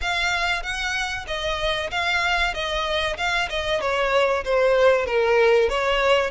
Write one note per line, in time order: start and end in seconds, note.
0.01 0.62 F5
0.62 1.25 F#5
1.27 1.90 D#5
1.90 2.53 F5
2.53 3.17 D#5
3.17 3.49 F5
3.49 3.81 D#5
3.81 4.44 C#5
4.44 5.06 C5
5.06 5.69 A#4
5.69 6.30 C#5